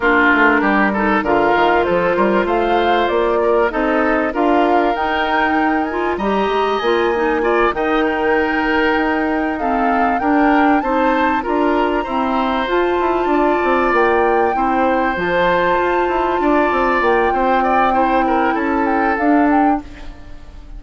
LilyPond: <<
  \new Staff \with { instrumentName = "flute" } { \time 4/4 \tempo 4 = 97 ais'2 f''4 c''4 | f''4 d''4 dis''4 f''4 | g''4. gis''8 ais''4 gis''4~ | gis''8 g''2. f''8~ |
f''8 g''4 a''4 ais''4.~ | ais''8 a''2 g''4.~ | g''8 a''2. g''8~ | g''2 a''8 g''8 f''8 g''8 | }
  \new Staff \with { instrumentName = "oboe" } { \time 4/4 f'4 g'8 a'8 ais'4 a'8 ais'8 | c''4. ais'8 a'4 ais'4~ | ais'2 dis''2 | d''8 dis''8 ais'2~ ais'8 a'8~ |
a'8 ais'4 c''4 ais'4 c''8~ | c''4. d''2 c''8~ | c''2~ c''8 d''4. | c''8 d''8 c''8 ais'8 a'2 | }
  \new Staff \with { instrumentName = "clarinet" } { \time 4/4 d'4. dis'8 f'2~ | f'2 dis'4 f'4 | dis'4. f'8 g'4 f'8 dis'8 | f'8 dis'2. c'8~ |
c'8 d'4 dis'4 f'4 c'8~ | c'8 f'2. e'8~ | e'8 f'2.~ f'8~ | f'4 e'2 d'4 | }
  \new Staff \with { instrumentName = "bassoon" } { \time 4/4 ais8 a8 g4 d8 dis8 f8 g8 | a4 ais4 c'4 d'4 | dis'2 g8 gis8 ais4~ | ais8 dis2 dis'4.~ |
dis'8 d'4 c'4 d'4 e'8~ | e'8 f'8 e'8 d'8 c'8 ais4 c'8~ | c'8 f4 f'8 e'8 d'8 c'8 ais8 | c'2 cis'4 d'4 | }
>>